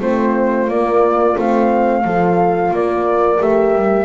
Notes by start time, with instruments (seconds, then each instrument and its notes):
0.00 double bass A3, horn C4 F4, flute C5
0.68 double bass A#3, horn A#3, flute D5
1.36 double bass A3, horn C4, flute F5
2.05 double bass F3, horn F4 A4
2.71 double bass A#3, horn A#4, flute D5
3.39 double bass A3, horn G4, flute E5
3.75 double bass G3